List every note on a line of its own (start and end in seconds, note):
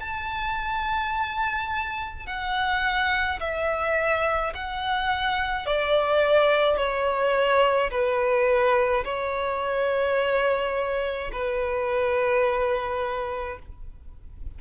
0.00 2.26 A5
2.26 3.40 F#5
3.40 4.53 E5
4.54 5.66 F#5
5.66 6.77 D5
6.77 7.90 C#5
7.90 9.04 B4
9.05 11.31 C#5
11.33 13.59 B4